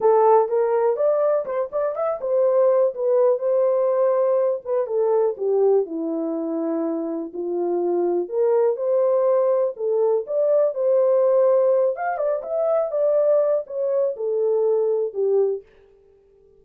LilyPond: \new Staff \with { instrumentName = "horn" } { \time 4/4 \tempo 4 = 123 a'4 ais'4 d''4 c''8 d''8 | e''8 c''4. b'4 c''4~ | c''4. b'8 a'4 g'4 | e'2. f'4~ |
f'4 ais'4 c''2 | a'4 d''4 c''2~ | c''8 f''8 d''8 e''4 d''4. | cis''4 a'2 g'4 | }